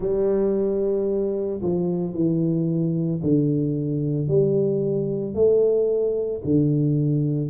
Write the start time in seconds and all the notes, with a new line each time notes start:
0.00 G3
1.62 F3
2.14 E3
3.22 D3
4.28 G3
5.34 A3
6.44 D3